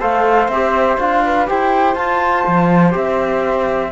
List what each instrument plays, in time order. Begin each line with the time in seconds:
0.00 cello A3, trombone A4, flute C5 F5
0.49 cello C4, trombone G4, flute E5
0.99 cello D4, trombone F4, flute F5
1.25 flute B4
1.47 cello E4, trombone G4, flute C5 G5
1.95 cello F4, trombone F4, flute A5
2.47 cello F3
2.92 cello C4, trombone G4, flute E5